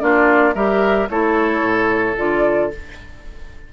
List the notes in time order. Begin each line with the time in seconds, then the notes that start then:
0.00 A#3 D4 F4 D5
0.55 G3 G4 A#4 E5
1.10 A3 E4 A4 C#5
1.63 A2
2.16 D3 F4 D5